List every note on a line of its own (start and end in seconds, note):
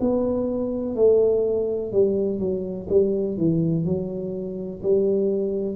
0.00 0.95 B3
0.95 1.92 A3
1.92 2.38 G3
2.38 2.87 F#3
2.89 3.37 G3
3.37 3.84 E3
3.84 4.81 F#3
4.82 5.76 G3